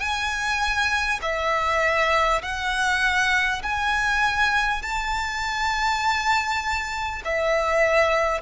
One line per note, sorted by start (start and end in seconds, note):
0.00 1.20 G#5
1.22 2.42 E5
2.42 3.62 F#5
3.63 4.83 G#5
4.83 7.23 A5
7.25 8.42 E5